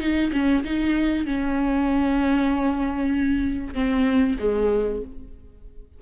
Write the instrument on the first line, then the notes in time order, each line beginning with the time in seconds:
viola
0.00 D#4
0.32 C#4
0.64 D#4
1.25 C#4
3.74 C4
4.39 G#3